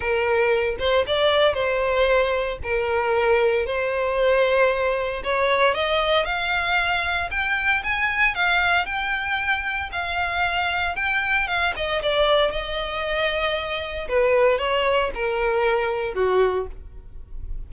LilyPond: \new Staff \with { instrumentName = "violin" } { \time 4/4 \tempo 4 = 115 ais'4. c''8 d''4 c''4~ | c''4 ais'2 c''4~ | c''2 cis''4 dis''4 | f''2 g''4 gis''4 |
f''4 g''2 f''4~ | f''4 g''4 f''8 dis''8 d''4 | dis''2. b'4 | cis''4 ais'2 fis'4 | }